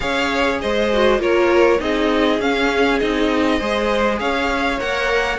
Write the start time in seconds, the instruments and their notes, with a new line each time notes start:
0.00 cello C#4, viola G#4, violin C#5 F5
0.61 cello G#3, violin C5 D#5
0.93 viola F#4
1.19 cello A#3, viola F4, violin A#4 C#5
1.79 cello C4, viola D#4, violin G#4 D#5
2.39 cello C#4, viola C#4, violin F5
2.98 cello C4, viola D#4, violin D#5
3.58 cello G#3, viola G#4, violin C5
4.19 cello C#4, violin C#5 F5
4.79 cello A#3, viola A#4, violin F#5